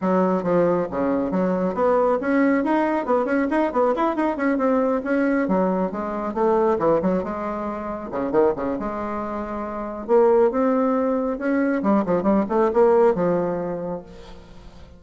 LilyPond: \new Staff \with { instrumentName = "bassoon" } { \time 4/4 \tempo 4 = 137 fis4 f4 cis4 fis4 | b4 cis'4 dis'4 b8 cis'8 | dis'8 b8 e'8 dis'8 cis'8 c'4 cis'8~ | cis'8 fis4 gis4 a4 e8 |
fis8 gis2 cis8 dis8 cis8 | gis2. ais4 | c'2 cis'4 g8 f8 | g8 a8 ais4 f2 | }